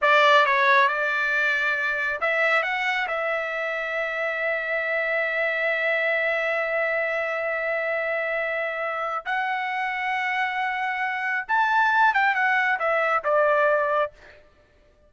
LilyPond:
\new Staff \with { instrumentName = "trumpet" } { \time 4/4 \tempo 4 = 136 d''4 cis''4 d''2~ | d''4 e''4 fis''4 e''4~ | e''1~ | e''1~ |
e''1~ | e''4 fis''2.~ | fis''2 a''4. g''8 | fis''4 e''4 d''2 | }